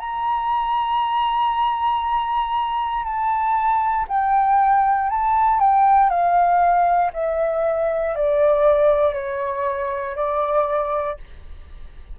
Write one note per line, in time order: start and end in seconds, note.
0.00 3.04 A#5
3.04 4.06 A5
4.08 5.10 G5
5.10 5.60 A5
5.60 6.10 G5
6.10 7.12 F5
7.14 8.15 E5
8.15 9.14 D5
9.14 10.16 C#5
10.16 11.18 D5